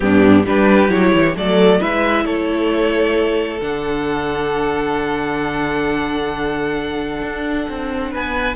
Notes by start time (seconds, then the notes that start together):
0.00 G2 B3 D4 G4
0.45 G3 D4 G4 B4
0.89 F#3 E4 C#5
1.14 E3
1.35 F#3 A3 A4 D5
1.79 G#3 E4 B4 E5
2.25 A3 A4 C#5
3.61 D3 D4 F#5
7.22 D4
7.69 C4
8.11 B3 B4 G#5